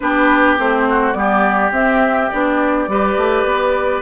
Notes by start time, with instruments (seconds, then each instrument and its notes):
0.00 bassoon B3, clarinet D4, oboe G4, flute B4
0.58 bassoon A3, clarinet C4, flute C5
0.89 oboe F#4
1.13 bassoon G3, clarinet B3, oboe G4, flute D5
1.71 bassoon C4, clarinet C4, flute E5
2.29 bassoon B3, clarinet D4, flute D5
2.87 bassoon G3, clarinet G4, oboe B4
3.16 bassoon A3
3.44 bassoon B3